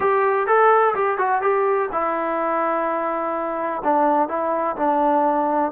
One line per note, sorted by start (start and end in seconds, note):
0.00 0.46 G4
0.46 0.94 A4
0.94 1.18 G4
1.18 1.41 F#4
1.41 1.89 G4
1.92 3.82 E4
3.84 4.28 D4
4.28 4.76 E4
4.76 5.71 D4